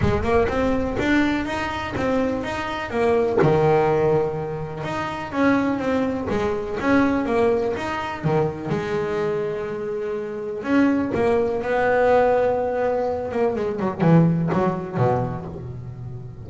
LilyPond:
\new Staff \with { instrumentName = "double bass" } { \time 4/4 \tempo 4 = 124 gis8 ais8 c'4 d'4 dis'4 | c'4 dis'4 ais4 dis4~ | dis2 dis'4 cis'4 | c'4 gis4 cis'4 ais4 |
dis'4 dis4 gis2~ | gis2 cis'4 ais4 | b2.~ b8 ais8 | gis8 fis8 e4 fis4 b,4 | }